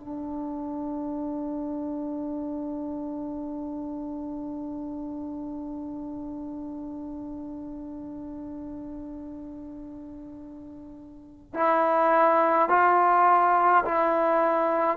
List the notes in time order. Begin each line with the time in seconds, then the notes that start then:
0.00 D4
11.54 E4
12.69 F4
13.85 E4